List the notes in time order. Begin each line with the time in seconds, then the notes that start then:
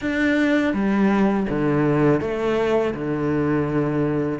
0.01 D4
0.73 G3
1.49 D3
2.20 A3
2.94 D3